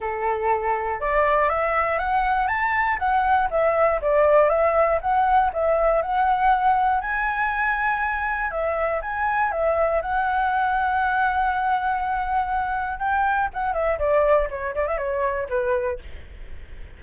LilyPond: \new Staff \with { instrumentName = "flute" } { \time 4/4 \tempo 4 = 120 a'2 d''4 e''4 | fis''4 a''4 fis''4 e''4 | d''4 e''4 fis''4 e''4 | fis''2 gis''2~ |
gis''4 e''4 gis''4 e''4 | fis''1~ | fis''2 g''4 fis''8 e''8 | d''4 cis''8 d''16 e''16 cis''4 b'4 | }